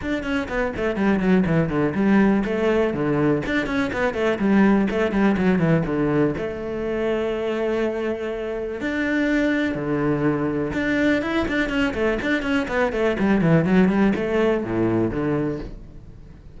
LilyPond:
\new Staff \with { instrumentName = "cello" } { \time 4/4 \tempo 4 = 123 d'8 cis'8 b8 a8 g8 fis8 e8 d8 | g4 a4 d4 d'8 cis'8 | b8 a8 g4 a8 g8 fis8 e8 | d4 a2.~ |
a2 d'2 | d2 d'4 e'8 d'8 | cis'8 a8 d'8 cis'8 b8 a8 g8 e8 | fis8 g8 a4 a,4 d4 | }